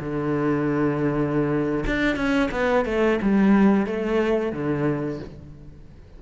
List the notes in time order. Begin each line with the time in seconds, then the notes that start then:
0.00 D3
1.87 D4
2.16 C#4
2.52 B3
2.86 A3
3.22 G3
3.87 A3
4.53 D3